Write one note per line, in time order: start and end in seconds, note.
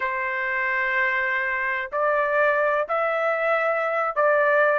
0.00 1.90 C5
1.91 2.87 D5
2.88 4.15 E5
4.15 4.79 D5